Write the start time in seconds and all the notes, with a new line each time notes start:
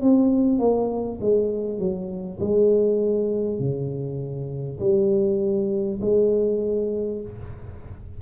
0.00 C4
0.58 A#3
1.21 G#3
1.78 F#3
2.40 G#3
3.59 C#3
4.79 G3
6.01 G#3